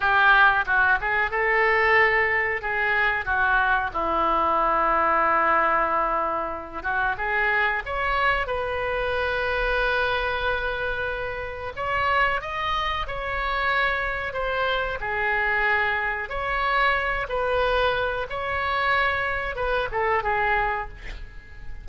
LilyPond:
\new Staff \with { instrumentName = "oboe" } { \time 4/4 \tempo 4 = 92 g'4 fis'8 gis'8 a'2 | gis'4 fis'4 e'2~ | e'2~ e'8 fis'8 gis'4 | cis''4 b'2.~ |
b'2 cis''4 dis''4 | cis''2 c''4 gis'4~ | gis'4 cis''4. b'4. | cis''2 b'8 a'8 gis'4 | }